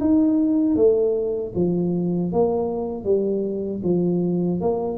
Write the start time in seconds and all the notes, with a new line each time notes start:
0.00 D#4
0.76 A3
1.55 F3
2.32 A#3
3.04 G3
3.83 F3
4.60 A#3